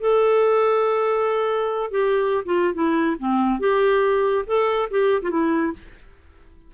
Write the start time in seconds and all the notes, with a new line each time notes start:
0.00 A4
1.91 G4
2.45 F4
2.74 E4
3.19 C4
3.60 G4
4.47 A4
4.90 G4
5.22 F4
5.31 E4